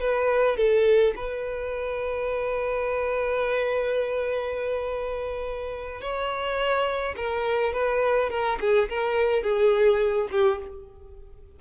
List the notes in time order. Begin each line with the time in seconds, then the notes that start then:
0.00 B4
0.57 A4
1.16 B4
6.01 C#5
7.16 A#4
7.73 B4
8.30 A#4
8.60 G#4
8.89 A#4
9.43 G#4
10.31 G4